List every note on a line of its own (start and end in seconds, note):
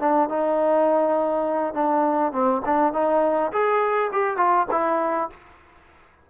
0.00 0.29 D4
0.29 1.74 D#4
1.74 2.32 D4
2.32 2.62 C4
2.65 2.93 D4
2.93 3.52 D#4
3.52 4.11 G#4
4.12 4.37 G4
4.37 4.67 F4
4.71 5.30 E4